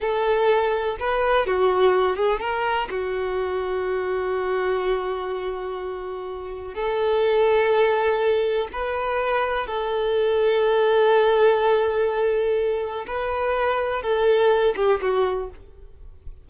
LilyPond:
\new Staff \with { instrumentName = "violin" } { \time 4/4 \tempo 4 = 124 a'2 b'4 fis'4~ | fis'8 gis'8 ais'4 fis'2~ | fis'1~ | fis'2 a'2~ |
a'2 b'2 | a'1~ | a'2. b'4~ | b'4 a'4. g'8 fis'4 | }